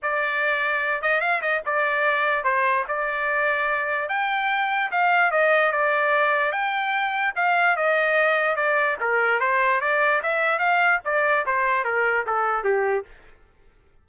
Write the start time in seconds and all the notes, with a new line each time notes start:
0.02 D5
1.02 D#5
1.20 F5
1.41 D#5
1.65 D5
2.44 C5
2.88 D5
4.09 G5
4.91 F5
5.31 D#5
5.71 D5
6.52 G5
7.35 F5
7.76 D#5
8.56 D5
9.00 A#4
9.40 C5
9.80 D5
10.22 E5
10.58 F5
11.04 D5
11.45 C5
11.84 A#4
12.26 A4
12.63 G4